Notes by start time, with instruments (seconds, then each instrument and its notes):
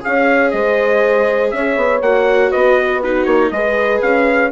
0.00 bassoon C#4, viola G#4, horn C#5, trumpet F5
0.51 bassoon G#3, horn C5, trumpet D#5
1.51 bassoon C#4, horn C#5, trumpet E5
1.76 bassoon B3
2.01 bassoon A#3, viola F#4, trumpet F#5
2.50 bassoon B3, horn B4, trumpet D#5
3.00 viola D#4, horn F#4, trumpet B4
3.24 bassoon A#3, trumpet C#5
3.51 bassoon G#3, viola G#4, horn B4, trumpet D#5
4.01 bassoon C#4, trumpet F5